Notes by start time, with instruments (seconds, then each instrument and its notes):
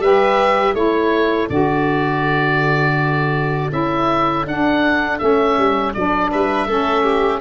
0.00 tuba G3, saxophone G4, violin B4, oboe E5
0.75 tuba A3, saxophone E4, violin A4, oboe C#5
1.50 tuba D3, saxophone F#4, oboe D5
3.70 tuba C#4, saxophone E4, oboe E5
4.47 tuba D4, saxophone D4, oboe F#5
5.19 tuba A3, saxophone C#4, oboe E5
5.58 tuba G3
5.94 tuba F#3, saxophone D4, oboe D5
6.31 tuba G3, violin B4, oboe E5
6.67 tuba A3, saxophone C#4, violin A4
7.04 violin G4